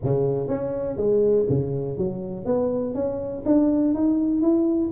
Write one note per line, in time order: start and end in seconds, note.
0.03 0.48 C#3
0.48 0.97 C#4
0.97 1.46 G#3
1.49 1.97 C#3
1.97 2.45 F#3
2.45 2.94 B3
2.94 3.43 C#4
3.45 3.94 D4
3.94 4.41 D#4
4.41 4.90 E4